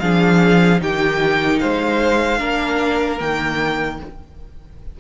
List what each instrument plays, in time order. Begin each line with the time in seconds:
0.00 cello F3, viola D4, violin G#4 F5
0.79 cello D#3, viola D#4, violin G4 G5
1.59 cello G#3, violin C5 F5
2.39 cello A#3, viola D4, violin A#4
3.20 cello D#3, viola A#3, violin G5